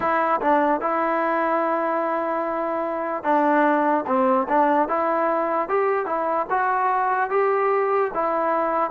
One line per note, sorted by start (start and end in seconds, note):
0.00 0.40 E4
0.41 0.80 D4
0.80 3.23 E4
3.23 4.04 D4
4.06 4.47 C4
4.48 4.88 D4
4.88 5.68 E4
5.68 6.06 G4
6.06 6.46 E4
6.49 7.30 F#4
7.30 8.11 G4
8.13 8.90 E4